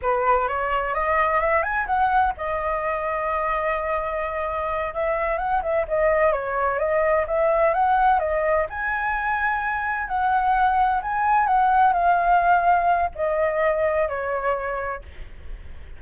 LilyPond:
\new Staff \with { instrumentName = "flute" } { \time 4/4 \tempo 4 = 128 b'4 cis''4 dis''4 e''8 gis''8 | fis''4 dis''2.~ | dis''2~ dis''8 e''4 fis''8 | e''8 dis''4 cis''4 dis''4 e''8~ |
e''8 fis''4 dis''4 gis''4.~ | gis''4. fis''2 gis''8~ | gis''8 fis''4 f''2~ f''8 | dis''2 cis''2 | }